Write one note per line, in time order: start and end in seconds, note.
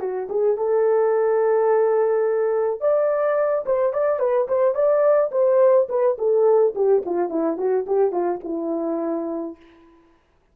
0.00 0.28 F#4
0.30 0.57 G#4
0.57 2.81 A4
2.81 3.65 D5
3.66 3.93 C5
3.93 4.20 D5
4.20 4.48 B4
4.48 4.75 C5
4.75 5.31 D5
5.32 5.88 C5
5.89 6.17 B4
6.18 6.74 A4
6.75 7.03 G4
7.06 7.30 F4
7.30 7.58 E4
7.58 7.86 F#4
7.87 8.12 G4
8.12 8.40 F4
8.44 9.56 E4